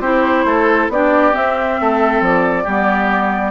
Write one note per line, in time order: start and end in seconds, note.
0.00 0.44 C4
0.00 0.91 E4
0.00 0.45 G4
0.00 0.89 C5
0.45 0.89 A3
0.45 0.92 A4
0.89 1.33 B3
0.89 1.32 D4
0.89 1.81 G4
0.89 1.35 D5
1.32 2.65 C4
1.32 1.80 C4
1.32 2.23 E5
1.80 2.21 A3
1.80 2.63 A4
2.21 2.65 F3
2.21 3.51 D5
2.63 3.51 G3
2.63 3.51 B3
2.63 3.51 G4